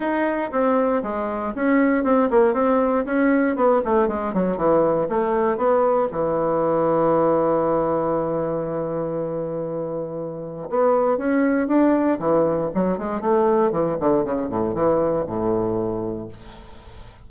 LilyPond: \new Staff \with { instrumentName = "bassoon" } { \time 4/4 \tempo 4 = 118 dis'4 c'4 gis4 cis'4 | c'8 ais8 c'4 cis'4 b8 a8 | gis8 fis8 e4 a4 b4 | e1~ |
e1~ | e4 b4 cis'4 d'4 | e4 fis8 gis8 a4 e8 d8 | cis8 a,8 e4 a,2 | }